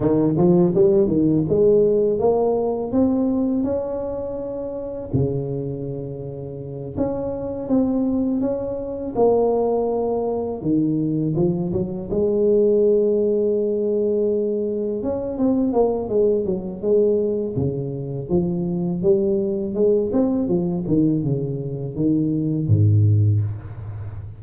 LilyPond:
\new Staff \with { instrumentName = "tuba" } { \time 4/4 \tempo 4 = 82 dis8 f8 g8 dis8 gis4 ais4 | c'4 cis'2 cis4~ | cis4. cis'4 c'4 cis'8~ | cis'8 ais2 dis4 f8 |
fis8 gis2.~ gis8~ | gis8 cis'8 c'8 ais8 gis8 fis8 gis4 | cis4 f4 g4 gis8 c'8 | f8 dis8 cis4 dis4 gis,4 | }